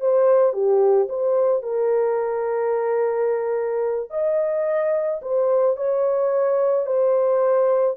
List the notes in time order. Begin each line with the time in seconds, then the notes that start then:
0.00 C5
0.53 G4
1.09 C5
1.63 A#4
4.10 D#5
5.22 C5
5.76 C#5
6.86 C5